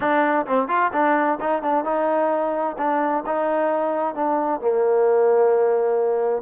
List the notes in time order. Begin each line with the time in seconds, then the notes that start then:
0.00 D4
0.46 C4
0.68 F4
0.92 D4
1.40 D#4
1.62 D4
1.84 D#4
2.78 D4
3.25 D#4
4.14 D4
4.60 A#3